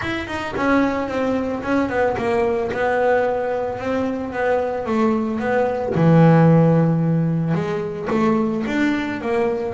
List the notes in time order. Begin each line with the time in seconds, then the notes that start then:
0.01 E4
0.27 D#4
0.56 C#4
1.08 C4
1.62 C#4
1.89 B3
2.17 A#3
2.71 B3
3.78 C4
4.32 B3
4.86 A3
5.39 B3
5.95 E3
7.54 G#3
8.10 A3
8.67 D4
9.21 A#3